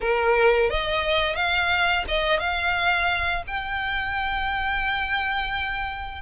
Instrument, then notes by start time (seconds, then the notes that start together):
violin
0.01 A#4
0.70 D#5
1.35 F5
2.08 D#5
2.39 F5
3.47 G5